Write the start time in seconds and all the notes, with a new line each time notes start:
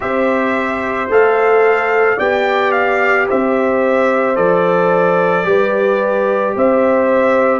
0.00 C4 G4 C5 E5
1.08 A3 A4 F5
2.16 B3 G4 D5 G5
2.71 F5
3.28 C4 C5 E5
4.35 F3 A4 D5
5.44 G3 G4 B4
6.56 C4 C5 E5